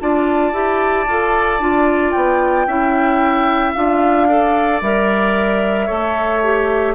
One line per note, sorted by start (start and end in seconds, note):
0.00 0.52 D4
0.00 0.52 F4
0.00 2.67 D5
0.00 2.11 A5
0.52 1.06 E4
0.52 1.06 G4
1.07 1.59 F4
1.07 1.61 A4
1.59 2.13 D4
1.59 2.68 F4
2.11 2.66 B3
2.11 3.72 G5
2.66 3.73 C#4
2.66 3.75 E4
2.66 4.27 E5
3.73 4.81 D4
3.73 4.28 F4
3.73 4.80 F5
4.28 4.82 A4
4.28 5.85 D5
4.81 5.88 G3
4.81 5.88 A#4
4.81 6.95 E5
5.85 6.95 A3
5.85 6.41 A4
5.85 6.93 C#5
6.43 6.95 G4